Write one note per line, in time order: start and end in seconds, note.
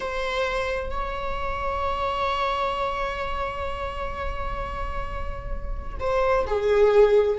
0.00 0.90 C5
0.90 5.98 C#5
5.99 6.45 C5
6.46 7.38 G#4